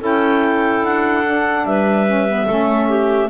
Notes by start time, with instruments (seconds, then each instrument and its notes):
0.00 double bass C#4, saxophone E4, clarinet A4 G5
0.82 double bass D4, clarinet F#5
1.25 saxophone D4
1.65 double bass G3, clarinet B4 E5
2.07 saxophone C#4
2.28 saxophone B3
2.47 double bass A3, saxophone C#4, clarinet A4
2.89 clarinet G4